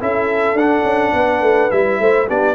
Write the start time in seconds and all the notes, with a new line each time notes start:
0.00 C#4 E4 A4 E5
0.54 D4 F#5
0.84 C#4
1.13 B3 B4
1.41 A3
1.71 G3 E4 E5
2.00 A3 C5
2.28 B3 D4 G4 D5